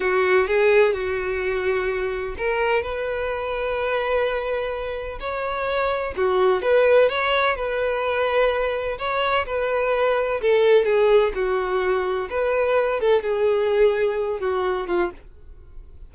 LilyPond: \new Staff \with { instrumentName = "violin" } { \time 4/4 \tempo 4 = 127 fis'4 gis'4 fis'2~ | fis'4 ais'4 b'2~ | b'2. cis''4~ | cis''4 fis'4 b'4 cis''4 |
b'2. cis''4 | b'2 a'4 gis'4 | fis'2 b'4. a'8 | gis'2~ gis'8 fis'4 f'8 | }